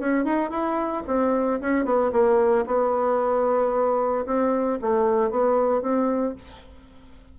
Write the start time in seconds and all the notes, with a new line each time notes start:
0.00 C#4
0.25 D#4
0.50 E4
1.07 C4
1.61 C#4
1.85 B3
2.13 A#3
2.67 B3
4.26 C4
4.82 A3
5.31 B3
5.82 C4